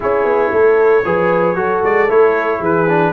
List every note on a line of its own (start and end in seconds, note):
0.00 0.24 C#4
0.00 1.03 E4
0.00 0.51 G#4
0.00 1.84 C#5
0.24 0.50 B3
0.51 1.04 A3
0.51 1.04 A4
1.04 1.56 F3
1.04 1.55 G#4
1.04 1.56 B4
1.55 1.82 F#3
1.55 2.07 F#4
1.55 2.59 A4
1.83 2.08 G#3
1.83 2.10 D5
2.08 2.60 A3
2.08 2.87 E4
2.08 2.62 C#5
2.59 3.12 E3
2.59 3.11 G#4
2.59 3.13 B4
2.88 3.13 D4